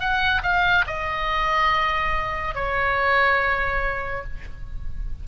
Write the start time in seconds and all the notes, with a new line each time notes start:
0.00 F#5
0.43 F5
0.87 D#5
2.55 C#5